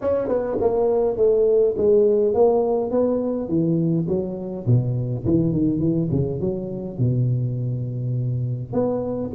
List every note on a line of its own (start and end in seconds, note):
0.01 0.28 C#4
0.28 0.57 B3
0.60 1.17 A#3
1.17 1.75 A3
1.77 2.34 G#3
2.34 2.90 A#3
2.90 3.48 B3
3.48 4.06 E3
4.08 4.66 F#3
4.66 5.24 B2
5.25 5.52 E3
5.52 5.79 D#3
5.79 6.08 E3
6.11 6.40 C#3
6.40 6.98 F#3
6.98 8.72 B2
8.72 9.31 B3